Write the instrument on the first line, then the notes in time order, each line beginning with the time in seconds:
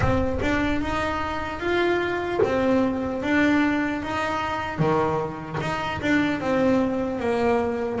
double bass
0.00 C4
0.41 D4
0.81 D#4
1.59 F4
2.43 C4
3.22 D4
4.02 D#4
4.78 D#3
5.60 D#4
6.01 D4
6.40 C4
7.19 A#3